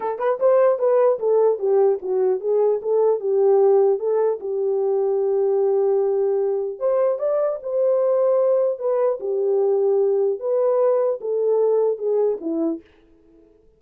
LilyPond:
\new Staff \with { instrumentName = "horn" } { \time 4/4 \tempo 4 = 150 a'8 b'8 c''4 b'4 a'4 | g'4 fis'4 gis'4 a'4 | g'2 a'4 g'4~ | g'1~ |
g'4 c''4 d''4 c''4~ | c''2 b'4 g'4~ | g'2 b'2 | a'2 gis'4 e'4 | }